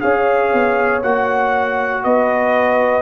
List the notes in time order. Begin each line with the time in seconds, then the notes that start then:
0.00 C#4 G#4 C#5 F5
0.53 B3
1.03 A#3 F#4 F#5
2.04 B3 B4 D#5